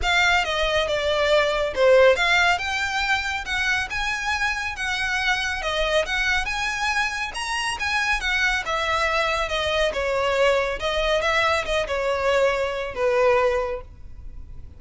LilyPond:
\new Staff \with { instrumentName = "violin" } { \time 4/4 \tempo 4 = 139 f''4 dis''4 d''2 | c''4 f''4 g''2 | fis''4 gis''2 fis''4~ | fis''4 dis''4 fis''4 gis''4~ |
gis''4 ais''4 gis''4 fis''4 | e''2 dis''4 cis''4~ | cis''4 dis''4 e''4 dis''8 cis''8~ | cis''2 b'2 | }